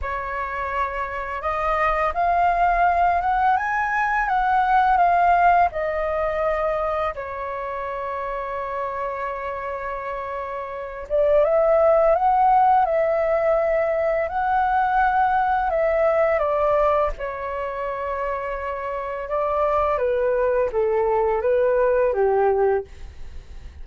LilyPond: \new Staff \with { instrumentName = "flute" } { \time 4/4 \tempo 4 = 84 cis''2 dis''4 f''4~ | f''8 fis''8 gis''4 fis''4 f''4 | dis''2 cis''2~ | cis''2.~ cis''8 d''8 |
e''4 fis''4 e''2 | fis''2 e''4 d''4 | cis''2. d''4 | b'4 a'4 b'4 g'4 | }